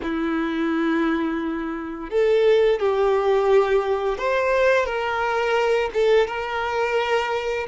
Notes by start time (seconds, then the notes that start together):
0.02 E4
2.10 A4
2.79 G4
4.18 C5
4.85 A#4
5.93 A4
6.27 A#4